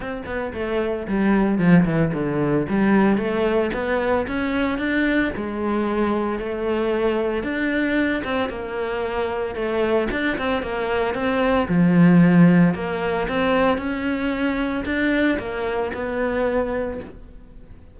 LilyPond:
\new Staff \with { instrumentName = "cello" } { \time 4/4 \tempo 4 = 113 c'8 b8 a4 g4 f8 e8 | d4 g4 a4 b4 | cis'4 d'4 gis2 | a2 d'4. c'8 |
ais2 a4 d'8 c'8 | ais4 c'4 f2 | ais4 c'4 cis'2 | d'4 ais4 b2 | }